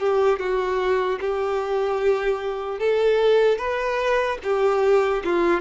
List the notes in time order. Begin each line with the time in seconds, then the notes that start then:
0.00 G4
0.40 F#4
1.21 G4
2.79 A4
3.59 B4
4.44 G4
5.25 F4